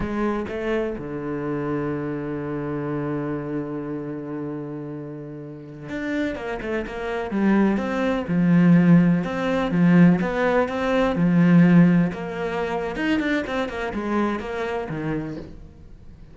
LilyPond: \new Staff \with { instrumentName = "cello" } { \time 4/4 \tempo 4 = 125 gis4 a4 d2~ | d1~ | d1~ | d16 d'4 ais8 a8 ais4 g8.~ |
g16 c'4 f2 c'8.~ | c'16 f4 b4 c'4 f8.~ | f4~ f16 ais4.~ ais16 dis'8 d'8 | c'8 ais8 gis4 ais4 dis4 | }